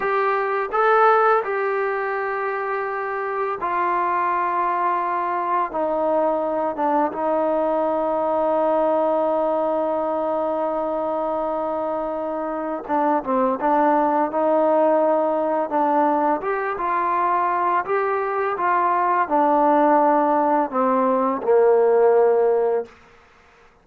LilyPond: \new Staff \with { instrumentName = "trombone" } { \time 4/4 \tempo 4 = 84 g'4 a'4 g'2~ | g'4 f'2. | dis'4. d'8 dis'2~ | dis'1~ |
dis'2 d'8 c'8 d'4 | dis'2 d'4 g'8 f'8~ | f'4 g'4 f'4 d'4~ | d'4 c'4 ais2 | }